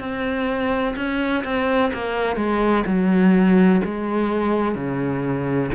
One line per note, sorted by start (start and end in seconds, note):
0.00 0.95 C4
0.96 1.44 C#4
1.44 1.92 C4
1.94 2.36 A#3
2.36 2.84 G#3
2.86 3.81 F#3
3.84 4.75 G#3
4.75 5.70 C#3